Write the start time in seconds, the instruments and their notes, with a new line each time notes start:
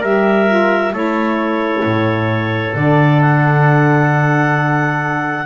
0.00 double bass G3, saxophone G4, trumpet A#4, clarinet E5
0.47 saxophone F4
0.91 double bass A3, saxophone E4, trumpet A4, clarinet C#5
1.84 double bass A2
2.73 double bass D3, saxophone D4, clarinet D5
3.21 clarinet F#5